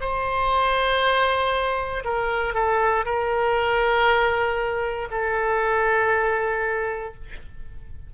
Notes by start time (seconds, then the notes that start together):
0.00 C5
2.04 A#4
2.54 A4
3.05 A#4
5.10 A4